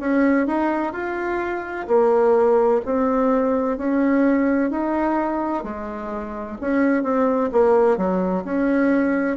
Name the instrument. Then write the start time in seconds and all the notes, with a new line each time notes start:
bassoon
0.00 C#4
0.47 D#4
0.93 F4
1.87 A#3
2.85 C4
3.78 C#4
4.70 D#4
5.64 G#3
6.61 C#4
7.03 C4
7.52 A#3
7.97 F#3
8.45 C#4